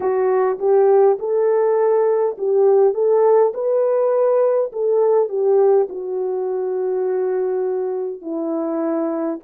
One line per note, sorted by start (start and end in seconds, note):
0.00 0.58 F#4
0.59 1.18 G4
1.19 2.36 A4
2.37 2.94 G4
2.94 3.52 A4
3.53 4.71 B4
4.72 5.28 A4
5.28 5.87 G4
5.89 8.21 F#4
8.21 9.39 E4